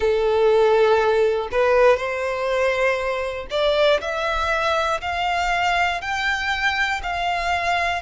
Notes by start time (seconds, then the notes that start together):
0.00 A4
1.51 B4
1.96 C5
3.50 D5
4.00 E5
5.00 F5
6.00 G5
7.02 F5